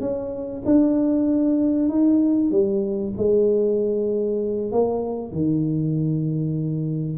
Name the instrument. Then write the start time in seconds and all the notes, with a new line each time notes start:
tuba
0.00 C#4
0.65 D4
1.89 D#4
2.51 G3
3.17 G#3
4.71 A#3
5.32 D#3